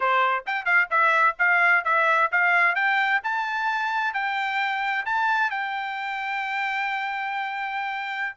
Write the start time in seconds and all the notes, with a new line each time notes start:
0.00 C5
0.46 G5
0.65 F5
0.90 E5
1.38 F5
1.84 E5
2.31 F5
2.75 G5
3.23 A5
4.13 G5
5.05 A5
5.50 G5